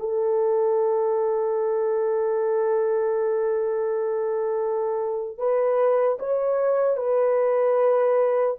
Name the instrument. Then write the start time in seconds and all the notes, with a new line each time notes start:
horn
0.00 A4
5.39 B4
6.20 C#5
6.97 B4